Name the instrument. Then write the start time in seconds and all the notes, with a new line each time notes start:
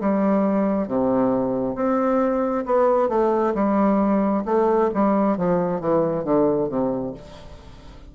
bassoon
0.00 G3
0.88 C3
1.75 C4
2.66 B3
3.09 A3
3.55 G3
4.45 A3
4.94 G3
5.37 F3
5.80 E3
6.24 D3
6.69 C3